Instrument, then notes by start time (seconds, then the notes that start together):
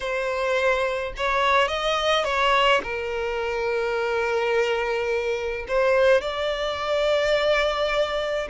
violin
0.00 C5
1.17 C#5
1.67 D#5
2.24 C#5
2.83 A#4
5.68 C5
6.21 D5